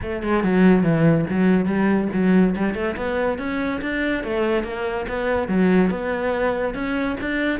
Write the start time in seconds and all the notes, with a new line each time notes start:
0.02 A3
0.22 G#3
0.43 F#3
0.83 E3
1.29 F#3
1.65 G3
2.12 F#3
2.55 G3
2.74 A3
2.96 B3
3.38 C#4
3.81 D4
4.23 A3
4.63 A#3
5.08 B3
5.48 F#3
5.90 B3
6.74 C#4
7.20 D4